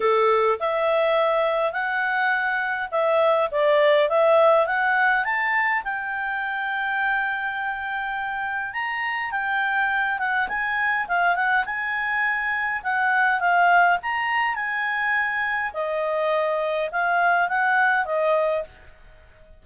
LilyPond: \new Staff \with { instrumentName = "clarinet" } { \time 4/4 \tempo 4 = 103 a'4 e''2 fis''4~ | fis''4 e''4 d''4 e''4 | fis''4 a''4 g''2~ | g''2. ais''4 |
g''4. fis''8 gis''4 f''8 fis''8 | gis''2 fis''4 f''4 | ais''4 gis''2 dis''4~ | dis''4 f''4 fis''4 dis''4 | }